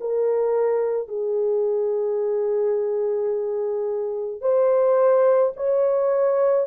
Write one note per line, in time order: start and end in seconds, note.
0.00 1.08 A#4
1.08 4.41 G#4
4.41 5.52 C5
5.56 6.67 C#5